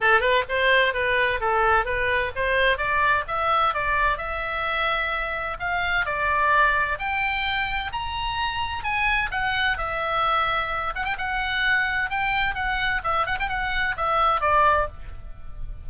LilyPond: \new Staff \with { instrumentName = "oboe" } { \time 4/4 \tempo 4 = 129 a'8 b'8 c''4 b'4 a'4 | b'4 c''4 d''4 e''4 | d''4 e''2. | f''4 d''2 g''4~ |
g''4 ais''2 gis''4 | fis''4 e''2~ e''8 fis''16 g''16 | fis''2 g''4 fis''4 | e''8 fis''16 g''16 fis''4 e''4 d''4 | }